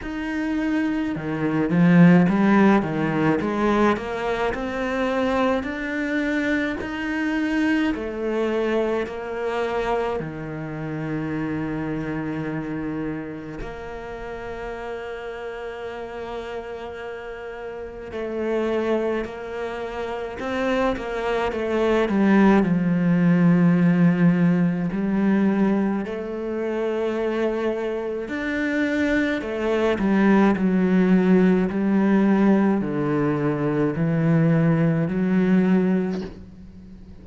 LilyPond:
\new Staff \with { instrumentName = "cello" } { \time 4/4 \tempo 4 = 53 dis'4 dis8 f8 g8 dis8 gis8 ais8 | c'4 d'4 dis'4 a4 | ais4 dis2. | ais1 |
a4 ais4 c'8 ais8 a8 g8 | f2 g4 a4~ | a4 d'4 a8 g8 fis4 | g4 d4 e4 fis4 | }